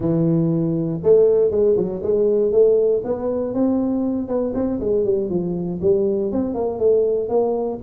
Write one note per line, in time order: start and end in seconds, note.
0.00 1.00 E3
1.03 1.51 A3
1.51 1.76 G#3
1.76 2.02 F#3
2.02 2.52 G#3
2.52 3.02 A3
3.04 3.53 B3
3.53 4.27 C4
4.27 4.53 B3
4.54 4.79 C4
4.79 5.04 G#3
5.04 5.29 G3
5.29 5.80 F3
5.81 6.31 G3
6.31 6.54 C4
6.54 6.78 A#3
6.78 7.29 A3
7.29 7.79 A#3